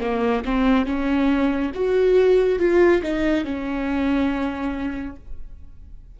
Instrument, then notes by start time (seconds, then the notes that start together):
viola
0.00 A#3
0.45 C4
0.86 C#4
1.75 F#4
2.59 F4
3.03 D#4
3.44 C#4